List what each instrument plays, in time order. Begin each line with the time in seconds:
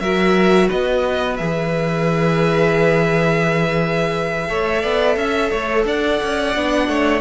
0.00 cello F#3, viola F#4, violin A#4 E5
0.68 cello B3, violin B4 D#5
1.37 cello E3, viola G#4, violin E5
4.48 cello A3, viola A4, violin C#5
4.82 cello B3, violin D5
5.16 cello C#4, violin E5
5.51 cello A3, violin C#5
5.85 cello D4, violin D5 F#5
6.23 cello C#4
6.56 cello B3, viola D4
6.88 cello A3, violin C#5